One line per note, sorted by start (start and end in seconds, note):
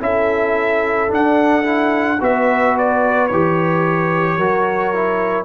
0.00 1.10 C#4
0.00 1.08 E4
0.00 2.20 A4
0.00 1.12 E5
1.08 1.63 D4
1.08 2.19 D4
1.08 2.23 F#5
1.63 2.17 E4
2.20 3.30 B3
2.20 3.30 F#4
2.20 4.37 B4
2.20 2.78 E5
2.78 3.27 D5
3.27 4.38 E3
3.27 4.40 G4
3.27 5.45 C#5
4.37 5.45 F#3
4.37 4.94 F#4
4.37 5.45 A#4
4.94 5.45 E4